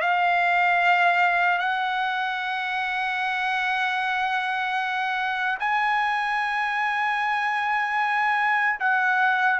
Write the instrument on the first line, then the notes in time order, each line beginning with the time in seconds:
trumpet
0.00 F5
1.58 F#5
5.59 G#5
8.79 F#5